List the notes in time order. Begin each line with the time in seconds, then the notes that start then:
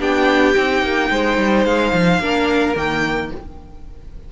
0.00 B3 D4 G4 G5
0.56 C4 D#4
0.83 A#3
1.11 G#3 C5
1.38 G3
1.65 G#3 F5
1.93 F3
2.19 A#3 D4 A#4
2.76 D#3 A#3 G5